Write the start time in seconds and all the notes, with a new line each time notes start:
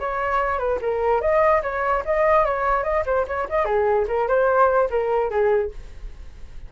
0.00 C#5
0.59 B4
0.82 A#4
1.21 D#5
1.63 C#5
2.06 D#5
2.45 C#5
2.84 D#5
3.06 C5
3.28 C#5
3.50 D#5
3.65 G#4
4.08 A#4
4.28 C5
4.91 A#4
5.30 G#4